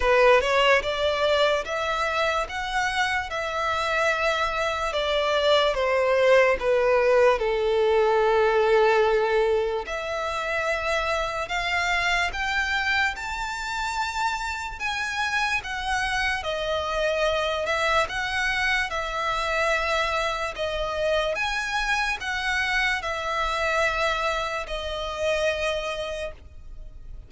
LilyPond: \new Staff \with { instrumentName = "violin" } { \time 4/4 \tempo 4 = 73 b'8 cis''8 d''4 e''4 fis''4 | e''2 d''4 c''4 | b'4 a'2. | e''2 f''4 g''4 |
a''2 gis''4 fis''4 | dis''4. e''8 fis''4 e''4~ | e''4 dis''4 gis''4 fis''4 | e''2 dis''2 | }